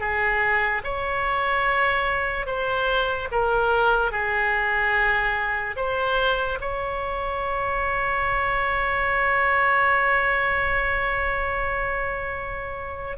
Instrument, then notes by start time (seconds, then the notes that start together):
oboe
0.00 G#4
0.84 C#5
2.46 C5
3.32 A#4
4.12 G#4
5.76 C5
6.61 C#5